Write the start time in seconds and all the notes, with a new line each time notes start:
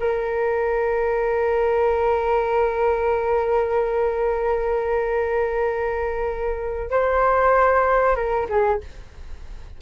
0.00 A#4
6.91 C5
8.16 A#4
8.49 G#4